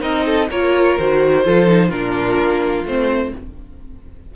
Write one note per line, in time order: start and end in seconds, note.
0.00 0.49 C4
0.00 0.47 D#4
0.00 0.25 A#4
0.00 0.49 D#5
0.25 0.49 A4
0.49 0.97 A#3
0.49 0.99 F4
0.49 1.44 A#4
0.49 0.98 C#5
0.98 1.46 D#3
0.98 1.44 F#4
0.98 1.90 C5
1.44 1.91 F3
1.44 1.67 F4
1.44 1.88 A4
1.67 1.90 D#4
1.88 2.38 A#2
1.88 2.85 D4
1.88 3.30 F4
1.88 2.85 A#4
2.39 2.84 A#3
2.84 3.32 A3
2.84 3.35 C4
2.84 3.34 C5